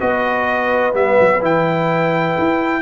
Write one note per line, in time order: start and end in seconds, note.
0.00 0.94 B3
0.00 0.93 F#4
0.00 2.82 B4
0.00 0.94 D#5
0.93 1.18 G3
0.93 1.40 B3
0.93 1.42 E5
1.20 1.42 F#3
1.42 2.36 E3
1.42 2.82 E4
1.42 2.82 G5
2.38 2.82 E4